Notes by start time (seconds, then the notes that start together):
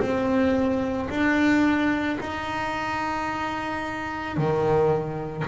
0.00 C4
1.10 D4
2.20 D#4
4.37 D#3